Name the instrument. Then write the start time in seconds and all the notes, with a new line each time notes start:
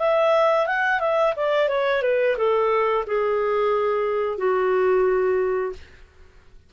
clarinet
0.00 E5
0.67 F#5
1.00 E5
1.36 D5
1.69 C#5
2.03 B4
2.37 A4
3.07 G#4
4.38 F#4